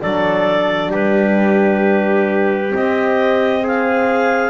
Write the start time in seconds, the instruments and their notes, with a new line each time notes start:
0.00 double bass F#3, horn D4, trumpet A4, clarinet D5
0.91 double bass G3, trumpet G4, clarinet B4
2.69 horn C4, clarinet D#5
2.76 double bass C4
3.63 trumpet G#4, clarinet F5